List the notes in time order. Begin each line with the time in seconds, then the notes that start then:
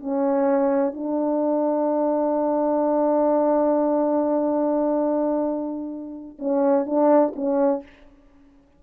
0.00 C#4
0.94 D4
6.39 C#4
6.85 D4
7.35 C#4